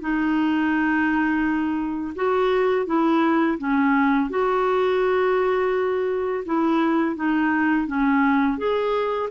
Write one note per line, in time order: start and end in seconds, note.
0.00 2.14 D#4
2.16 2.86 F#4
2.86 3.58 E4
3.58 4.30 C#4
4.30 6.44 F#4
6.45 7.16 E4
7.16 7.87 D#4
7.87 8.58 C#4
8.58 9.29 G#4